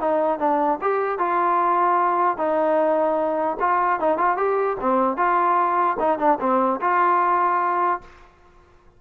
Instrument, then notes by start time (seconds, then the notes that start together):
trombone
0.00 D#4
0.39 D4
0.81 G4
1.18 F4
2.37 D#4
3.60 F4
4.00 D#4
4.18 F4
4.37 G4
4.80 C4
5.17 F4
5.99 D#4
6.19 D4
6.40 C4
6.81 F4